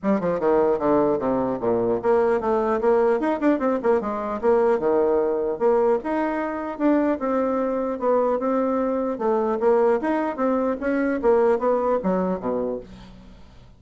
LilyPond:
\new Staff \with { instrumentName = "bassoon" } { \time 4/4 \tempo 4 = 150 g8 f8 dis4 d4 c4 | ais,4 ais4 a4 ais4 | dis'8 d'8 c'8 ais8 gis4 ais4 | dis2 ais4 dis'4~ |
dis'4 d'4 c'2 | b4 c'2 a4 | ais4 dis'4 c'4 cis'4 | ais4 b4 fis4 b,4 | }